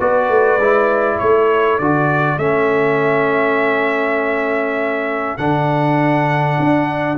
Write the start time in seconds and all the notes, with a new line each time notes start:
0.00 B3 F#4 B4 D5
0.30 A3
0.57 G#3 E4
1.18 A3 A4 C#5
1.79 D3 F#4 D5
2.37 A3 C#4 E5
5.38 D3 D4 F#5
6.60 D4